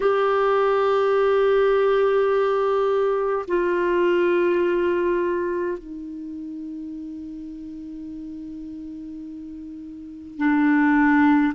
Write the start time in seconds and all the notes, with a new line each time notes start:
0.00 G4
3.47 F4
5.77 D#4
10.37 D4